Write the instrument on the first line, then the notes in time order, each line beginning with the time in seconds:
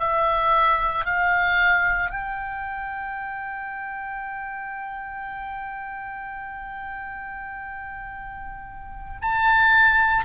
oboe
0.00 E5
1.05 F5
2.11 G5
9.22 A5